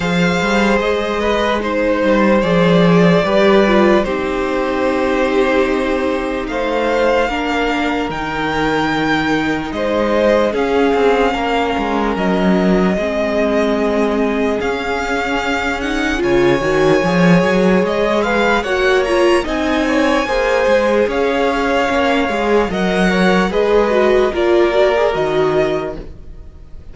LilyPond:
<<
  \new Staff \with { instrumentName = "violin" } { \time 4/4 \tempo 4 = 74 f''4 dis''4 c''4 d''4~ | d''4 c''2. | f''2 g''2 | dis''4 f''2 dis''4~ |
dis''2 f''4. fis''8 | gis''2 dis''8 f''8 fis''8 ais''8 | gis''2 f''2 | fis''4 dis''4 d''4 dis''4 | }
  \new Staff \with { instrumentName = "violin" } { \time 4/4 c''4. b'8 c''2 | b'4 g'2. | c''4 ais'2. | c''4 gis'4 ais'2 |
gis'1 | cis''2~ cis''8 b'8 cis''4 | dis''8 cis''8 c''4 cis''2 | dis''8 cis''8 b'4 ais'2 | }
  \new Staff \with { instrumentName = "viola" } { \time 4/4 gis'2 dis'4 gis'4 | g'8 f'8 dis'2.~ | dis'4 d'4 dis'2~ | dis'4 cis'2. |
c'2 cis'4. dis'8 | f'8 fis'8 gis'2 fis'8 f'8 | dis'4 gis'2 cis'8 gis'8 | ais'4 gis'8 fis'8 f'8 fis'16 gis'16 fis'4 | }
  \new Staff \with { instrumentName = "cello" } { \time 4/4 f8 g8 gis4. g8 f4 | g4 c'2. | a4 ais4 dis2 | gis4 cis'8 c'8 ais8 gis8 fis4 |
gis2 cis'2 | cis8 dis8 f8 fis8 gis4 ais4 | c'4 ais8 gis8 cis'4 ais8 gis8 | fis4 gis4 ais4 dis4 | }
>>